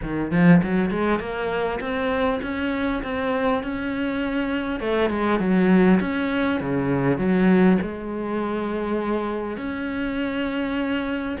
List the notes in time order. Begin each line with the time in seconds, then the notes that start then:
0.02 D#3
0.31 F3
0.62 F#3
0.91 G#3
1.19 A#3
1.80 C4
2.42 C#4
3.03 C4
3.63 C#4
4.80 A3
5.10 G#3
5.39 F#3
6.00 C#4
6.60 C#3
7.18 F#3
7.81 G#3
9.57 C#4